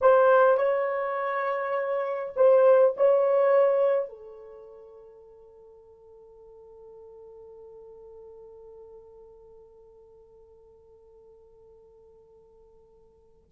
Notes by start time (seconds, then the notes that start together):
0.01 C5
0.57 C#5
2.35 C5
2.96 C#5
4.09 A4